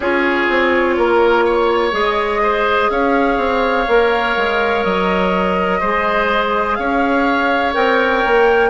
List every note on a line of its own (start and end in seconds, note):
0.00 0.46 C#4
0.00 1.92 F4
0.00 0.95 G#4
0.00 1.94 C#5
0.49 0.97 C4
0.97 1.93 A#3
0.97 1.44 A#4
1.44 2.41 C#5
1.92 2.89 G#3
1.92 3.85 G#4
1.92 2.90 D#5
2.42 2.91 C5
2.90 3.37 C#4
2.90 5.80 C#5
2.90 4.83 F5
3.37 3.86 C4
3.88 4.36 A#3
3.88 5.80 A#4
4.36 4.84 G#3
4.83 5.81 F#3
4.83 6.75 D#5
5.80 6.78 G#3
5.80 7.74 G#4
5.80 6.76 C5
6.75 7.75 C#4
6.75 8.69 C#5
6.75 7.72 F5
7.74 8.24 C4
7.74 8.69 A#4
7.74 8.69 G5
8.24 8.69 A#3